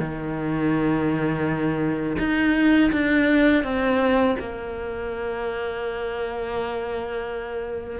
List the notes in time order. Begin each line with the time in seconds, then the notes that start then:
0.00 D#3
2.19 D#4
2.92 D4
3.64 C4
4.40 A#3